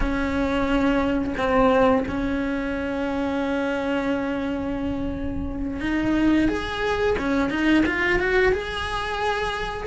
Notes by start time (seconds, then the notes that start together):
0.00 C#4
1.37 C4
2.08 C#4
5.80 D#4
6.48 G#4
7.18 C#4
7.50 D#4
7.86 F4
8.19 F#4
8.52 G#4